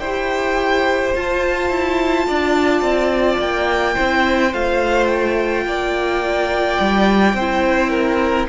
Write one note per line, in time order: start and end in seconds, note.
0.00 1.14 E4
0.00 1.16 G4
0.00 2.27 C5
0.00 1.13 G5
1.16 3.96 F4
1.16 1.70 F4
1.16 3.41 A5
1.70 2.26 E4
2.28 2.82 D4
2.28 3.95 D5
2.82 3.39 C4
3.39 3.96 A#3
3.39 4.54 G5
3.95 4.54 C4
3.95 4.53 E4
3.95 5.64 C5
4.53 5.66 A3
4.53 7.36 F4
4.53 5.07 F5
5.07 8.47 G5
5.66 6.79 A#3
5.66 7.36 D5
6.81 7.34 G3
7.34 8.47 C4
7.34 7.90 C5
7.40 8.49 E4
7.90 8.47 A#4